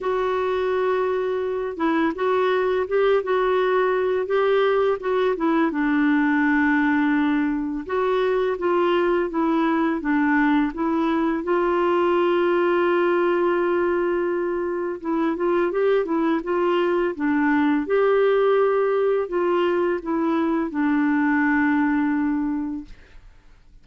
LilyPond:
\new Staff \with { instrumentName = "clarinet" } { \time 4/4 \tempo 4 = 84 fis'2~ fis'8 e'8 fis'4 | g'8 fis'4. g'4 fis'8 e'8 | d'2. fis'4 | f'4 e'4 d'4 e'4 |
f'1~ | f'4 e'8 f'8 g'8 e'8 f'4 | d'4 g'2 f'4 | e'4 d'2. | }